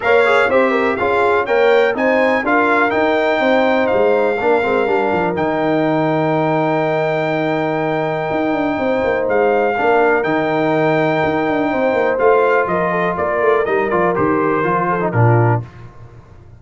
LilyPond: <<
  \new Staff \with { instrumentName = "trumpet" } { \time 4/4 \tempo 4 = 123 f''4 e''4 f''4 g''4 | gis''4 f''4 g''2 | f''2. g''4~ | g''1~ |
g''2. f''4~ | f''4 g''2.~ | g''4 f''4 dis''4 d''4 | dis''8 d''8 c''2 ais'4 | }
  \new Staff \with { instrumentName = "horn" } { \time 4/4 cis''4 c''8 ais'8 gis'4 cis''4 | c''4 ais'2 c''4~ | c''4 ais'2.~ | ais'1~ |
ais'2 c''2 | ais'1 | c''2 ais'8 a'8 ais'4~ | ais'2~ ais'8 a'8 f'4 | }
  \new Staff \with { instrumentName = "trombone" } { \time 4/4 ais'8 gis'8 g'4 f'4 ais'4 | dis'4 f'4 dis'2~ | dis'4 d'8 c'8 d'4 dis'4~ | dis'1~ |
dis'1 | d'4 dis'2.~ | dis'4 f'2. | dis'8 f'8 g'4 f'8. dis'16 d'4 | }
  \new Staff \with { instrumentName = "tuba" } { \time 4/4 ais4 c'4 cis'4 ais4 | c'4 d'4 dis'4 c'4 | gis4 ais8 gis8 g8 f8 dis4~ | dis1~ |
dis4 dis'8 d'8 c'8 ais8 gis4 | ais4 dis2 dis'8 d'8 | c'8 ais8 a4 f4 ais8 a8 | g8 f8 dis4 f4 ais,4 | }
>>